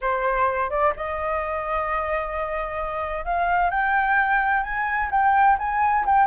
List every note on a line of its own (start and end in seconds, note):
0.01 0.70 C5
0.70 0.93 D5
0.96 3.24 D#5
3.24 3.70 F5
3.70 4.63 G5
4.63 5.09 G#5
5.11 5.57 G5
5.58 6.05 G#5
6.05 6.27 G5